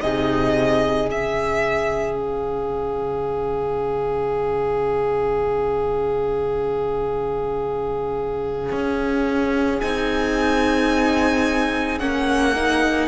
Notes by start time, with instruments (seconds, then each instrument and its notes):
0.00 cello C3, viola D#4, violin G#4 D#5
1.09 cello C#3, viola C#4, violin E5
2.18 violin F5
8.72 cello C#4
9.80 cello C4, viola D#4, violin G#5
11.99 cello A#3, viola C#4, violin F#5
12.55 viola D#4